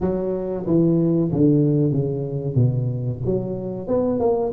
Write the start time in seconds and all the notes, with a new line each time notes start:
0.00 F#3
0.66 E3
1.32 D3
1.91 C#3
2.55 B2
3.25 F#3
3.87 B3
4.19 A#3